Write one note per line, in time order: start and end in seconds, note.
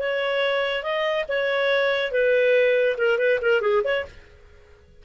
0.00 0.83 C#5
0.83 1.26 D#5
1.28 2.12 C#5
2.12 2.97 B4
2.98 3.19 A#4
3.19 3.40 B4
3.42 3.61 A#4
3.61 3.83 G#4
3.84 4.05 C#5